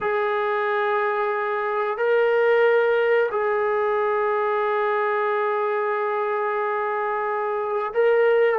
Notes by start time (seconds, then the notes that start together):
0.01 G#4
1.97 A#4
3.31 G#4
7.93 A#4